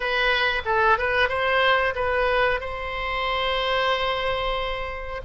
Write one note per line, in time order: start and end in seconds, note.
0.00 0.62 B4
0.65 0.98 A4
0.98 1.29 B4
1.29 1.94 C5
1.95 2.60 B4
2.60 5.21 C5